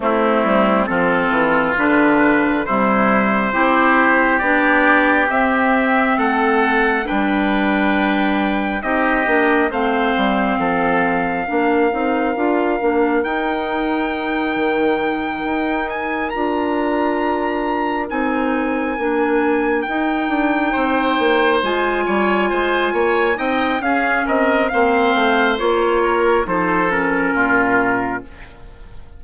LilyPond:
<<
  \new Staff \with { instrumentName = "trumpet" } { \time 4/4 \tempo 4 = 68 e'4 a'4 b'4 c''4~ | c''4 d''4 e''4 fis''4 | g''2 dis''4 f''4~ | f''2. g''4~ |
g''2 gis''8 ais''4.~ | ais''8 gis''2 g''4.~ | g''8 gis''2 g''8 f''8 dis''8 | f''4 cis''4 c''8 ais'4. | }
  \new Staff \with { instrumentName = "oboe" } { \time 4/4 c'4 f'2 e'4 | g'2. a'4 | b'2 g'4 c''4 | a'4 ais'2.~ |
ais'1~ | ais'2.~ ais'8 c''8~ | c''4 cis''8 c''8 cis''8 dis''8 gis'8 ais'8 | c''4. ais'8 a'4 f'4 | }
  \new Staff \with { instrumentName = "clarinet" } { \time 4/4 a4 c'4 d'4 g4 | e'4 d'4 c'2 | d'2 dis'8 d'8 c'4~ | c'4 d'8 dis'8 f'8 d'8 dis'4~ |
dis'2~ dis'8 f'4.~ | f'8 dis'4 d'4 dis'4.~ | dis'8 f'2 dis'8 cis'4 | c'4 f'4 dis'8 cis'4. | }
  \new Staff \with { instrumentName = "bassoon" } { \time 4/4 a8 g8 f8 e8 d4 c4 | c'4 b4 c'4 a4 | g2 c'8 ais8 a8 g8 | f4 ais8 c'8 d'8 ais8 dis'4~ |
dis'8 dis4 dis'4 d'4.~ | d'8 c'4 ais4 dis'8 d'8 c'8 | ais8 gis8 g8 gis8 ais8 c'8 cis'8 c'8 | ais8 a8 ais4 f4 ais,4 | }
>>